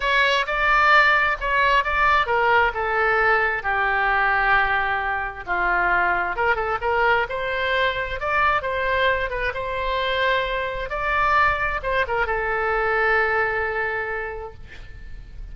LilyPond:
\new Staff \with { instrumentName = "oboe" } { \time 4/4 \tempo 4 = 132 cis''4 d''2 cis''4 | d''4 ais'4 a'2 | g'1 | f'2 ais'8 a'8 ais'4 |
c''2 d''4 c''4~ | c''8 b'8 c''2. | d''2 c''8 ais'8 a'4~ | a'1 | }